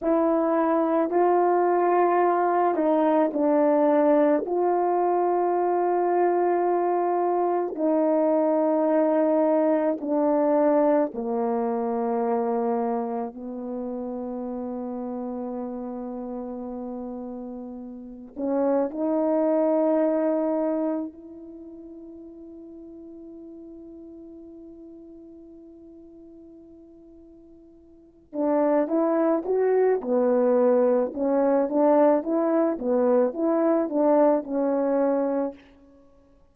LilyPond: \new Staff \with { instrumentName = "horn" } { \time 4/4 \tempo 4 = 54 e'4 f'4. dis'8 d'4 | f'2. dis'4~ | dis'4 d'4 ais2 | b1~ |
b8 cis'8 dis'2 e'4~ | e'1~ | e'4. d'8 e'8 fis'8 b4 | cis'8 d'8 e'8 b8 e'8 d'8 cis'4 | }